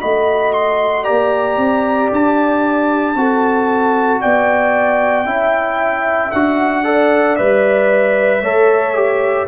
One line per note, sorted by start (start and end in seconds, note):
0.00 1.08 A3
0.00 1.04 F#4
0.00 1.03 D#5
0.00 0.53 B5
0.53 1.05 C6
1.03 1.57 A#3
1.03 3.15 G4
1.03 3.14 D5
1.03 2.10 A#5
1.57 2.10 C4
2.12 3.15 D4
2.12 4.21 A5
3.15 4.20 C4
3.15 5.26 F#4
3.15 4.21 A4
4.21 5.25 B3
4.21 5.27 D5
4.21 6.32 G5
5.25 6.30 C#4
5.25 6.32 E4
5.25 6.84 E5
6.32 7.38 D4
6.32 6.84 F#4
6.32 7.36 F#5
6.84 7.37 A4
6.84 8.41 D5
7.36 8.41 G3
7.36 8.43 B4
7.36 9.47 E5
8.41 9.47 A3
8.41 8.95 A4
8.41 9.47 C#5
8.95 9.47 G4